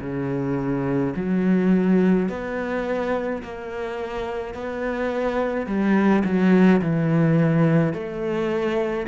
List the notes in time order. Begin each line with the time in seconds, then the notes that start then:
0.00 C#3
1.15 F#3
2.28 B3
3.42 A#3
4.54 B3
5.66 G3
6.24 F#3
6.81 E3
7.93 A3